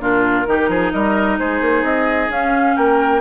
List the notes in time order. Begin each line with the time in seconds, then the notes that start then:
0.00 A#2 D4 F4 A#4
0.47 D#3 D#4 G4
0.69 F3 G#4
0.92 G3 A#4 D#5
1.39 G#3 G#4 C5
1.61 A#3
1.83 C4 D#5
2.29 C#4 F5
2.76 A#3 A#4 G5